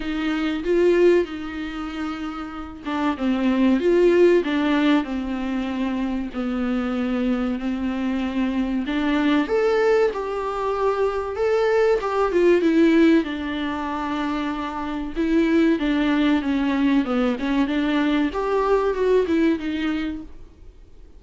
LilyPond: \new Staff \with { instrumentName = "viola" } { \time 4/4 \tempo 4 = 95 dis'4 f'4 dis'2~ | dis'8 d'8 c'4 f'4 d'4 | c'2 b2 | c'2 d'4 a'4 |
g'2 a'4 g'8 f'8 | e'4 d'2. | e'4 d'4 cis'4 b8 cis'8 | d'4 g'4 fis'8 e'8 dis'4 | }